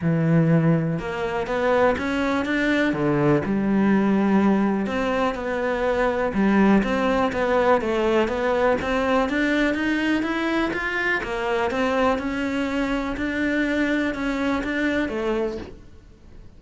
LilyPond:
\new Staff \with { instrumentName = "cello" } { \time 4/4 \tempo 4 = 123 e2 ais4 b4 | cis'4 d'4 d4 g4~ | g2 c'4 b4~ | b4 g4 c'4 b4 |
a4 b4 c'4 d'4 | dis'4 e'4 f'4 ais4 | c'4 cis'2 d'4~ | d'4 cis'4 d'4 a4 | }